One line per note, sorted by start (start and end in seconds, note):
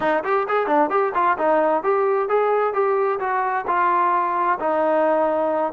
0.00 0.23 D#4
0.24 0.47 G4
0.48 0.66 G#4
0.66 0.89 D4
0.90 1.12 G4
1.14 1.37 F4
1.37 1.83 D#4
1.83 2.28 G4
2.28 2.73 G#4
2.73 3.19 G4
3.19 3.65 F#4
3.67 4.59 F4
4.59 5.73 D#4